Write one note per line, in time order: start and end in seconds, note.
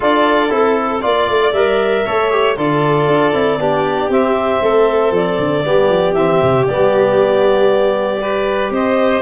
0.00 0.51 D4
0.00 0.49 F4
0.00 1.00 A4
0.00 0.53 D5
0.49 1.02 C4
0.49 1.00 E4
0.49 1.02 A4
1.00 1.29 A#3
1.00 1.53 F4
1.00 2.03 D5
1.00 1.53 D5
1.29 1.52 A3
1.52 2.04 G3
1.52 2.07 A#4
1.52 2.55 E5
2.05 2.57 A3
2.05 2.31 A4
2.05 2.56 C#5
2.31 2.57 G4
2.56 3.07 D3
2.56 3.33 F4
2.56 3.59 A4
2.56 4.11 D5
3.07 3.32 D4
3.33 3.58 C4
3.33 3.58 E4
3.58 4.08 B3
3.58 4.10 D4
3.58 4.62 G4
4.08 4.60 C4
4.08 5.64 C4
4.08 5.13 E5
4.61 5.11 A3
4.61 5.65 A4
5.11 5.37 F3
5.11 6.13 D5
5.38 5.64 D3
5.64 5.88 G3
5.64 6.15 B3
5.64 8.21 G4
5.88 6.14 F3
6.13 6.39 E3
6.13 6.68 C4
6.13 6.64 E5
6.42 6.68 C3
6.67 8.70 G3
6.67 8.21 B3
6.67 8.72 D5
8.21 9.21 G4
8.21 8.72 B4
8.70 9.21 C4
8.70 9.21 C5
8.70 9.21 D#5